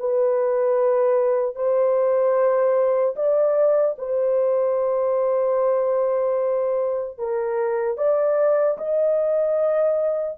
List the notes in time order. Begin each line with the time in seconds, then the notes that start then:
0.00 B4
1.56 C5
3.16 D5
3.99 C5
7.19 A#4
7.98 D5
8.78 D#5